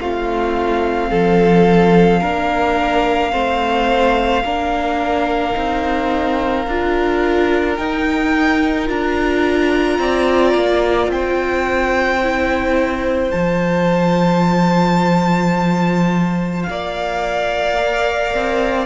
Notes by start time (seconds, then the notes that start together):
0.00 A3 C4 F4 F5
1.10 F3 A4
2.21 A#3 D4 A#4
3.32 A3 C4 C5
4.43 A#3 D4 A#4
5.53 C4 D#4
6.67 D4 F4
7.75 D#4 G5
8.87 D4 F4 A#5
9.99 C4 D5
10.54 A#3
11.08 C4 C5 G5
12.22 E4
13.31 F3 F4 A5
16.63 A#3 F5
16.70 D5
17.76 A#4
18.34 C4